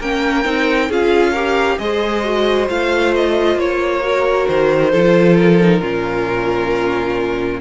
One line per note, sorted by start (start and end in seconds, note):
0.00 0.45 A#3
0.00 0.45 C#4
0.00 0.89 A#4
0.00 0.91 G5
0.45 0.89 C4
0.45 0.89 D#4
0.89 1.79 C#4
0.89 1.35 F4
0.89 1.32 G#4
0.89 1.79 F5
1.32 1.79 G4
1.32 1.77 A#4
1.79 2.69 G#3
1.79 2.24 G#4
1.79 4.03 C5
1.79 2.68 D#5
2.24 2.69 F#4
2.69 3.56 A3
2.69 4.02 F4
2.69 3.14 F5
3.15 3.60 D#5
3.56 4.46 A#3
3.56 4.47 C#5
4.02 4.91 F#4
4.02 4.92 A#4
4.47 4.93 D#3
4.47 5.37 C5
4.92 5.81 F3
4.92 5.61 F4
4.92 5.81 A4
5.37 7.60 A#4
5.61 5.81 D#4
5.81 7.60 A#2
5.81 7.60 C#4
5.81 7.60 F4